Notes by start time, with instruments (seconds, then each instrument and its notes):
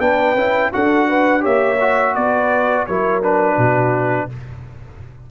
0.00 tuba B3, trombone D4, horn B4, trumpet G5
0.35 tuba C#4, trombone E4
0.73 tuba D4, trombone F#4, horn A4, trumpet F#5
1.09 horn B4
1.41 tuba A#3, trombone G4, horn C#5, trumpet E5
1.81 trombone F#4
2.15 tuba B3, horn B4, trumpet D5
2.87 tuba F#3, trombone E4, horn A#4, trumpet C#5
3.23 trombone D4, trumpet B4
3.57 tuba B2, horn F#4